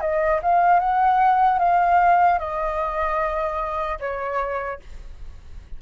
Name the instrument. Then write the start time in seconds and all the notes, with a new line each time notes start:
flute
0.00 D#5
0.42 F5
0.79 F#5
1.59 F5
2.38 D#5
3.99 C#5